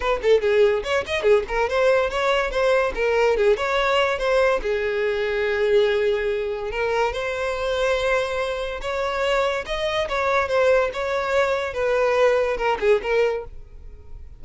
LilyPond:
\new Staff \with { instrumentName = "violin" } { \time 4/4 \tempo 4 = 143 b'8 a'8 gis'4 cis''8 dis''8 gis'8 ais'8 | c''4 cis''4 c''4 ais'4 | gis'8 cis''4. c''4 gis'4~ | gis'1 |
ais'4 c''2.~ | c''4 cis''2 dis''4 | cis''4 c''4 cis''2 | b'2 ais'8 gis'8 ais'4 | }